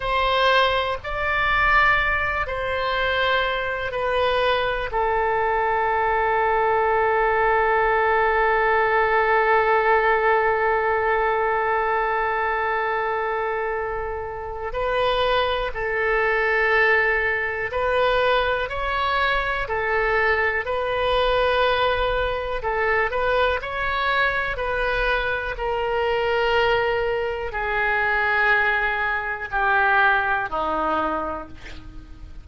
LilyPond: \new Staff \with { instrumentName = "oboe" } { \time 4/4 \tempo 4 = 61 c''4 d''4. c''4. | b'4 a'2.~ | a'1~ | a'2. b'4 |
a'2 b'4 cis''4 | a'4 b'2 a'8 b'8 | cis''4 b'4 ais'2 | gis'2 g'4 dis'4 | }